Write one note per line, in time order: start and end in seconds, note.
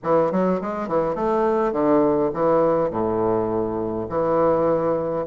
0.03 0.31 E3
0.31 0.60 F#3
0.61 0.88 G#3
0.88 1.15 E3
1.15 1.72 A3
1.72 2.30 D3
2.33 2.90 E3
2.90 4.06 A2
4.09 5.26 E3